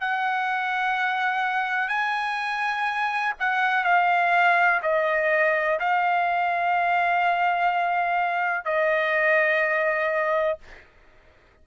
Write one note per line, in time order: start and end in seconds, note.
0.00 1.88 F#5
1.88 3.33 G#5
3.39 3.84 F#5
3.84 4.80 F5
4.82 5.79 D#5
5.79 8.64 F5
8.64 10.58 D#5